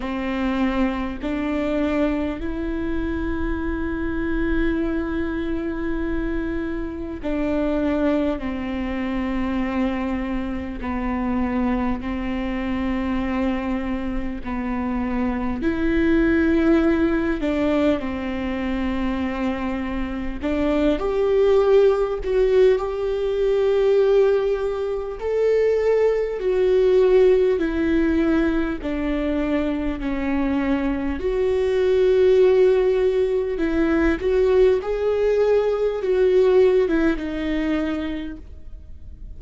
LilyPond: \new Staff \with { instrumentName = "viola" } { \time 4/4 \tempo 4 = 50 c'4 d'4 e'2~ | e'2 d'4 c'4~ | c'4 b4 c'2 | b4 e'4. d'8 c'4~ |
c'4 d'8 g'4 fis'8 g'4~ | g'4 a'4 fis'4 e'4 | d'4 cis'4 fis'2 | e'8 fis'8 gis'4 fis'8. e'16 dis'4 | }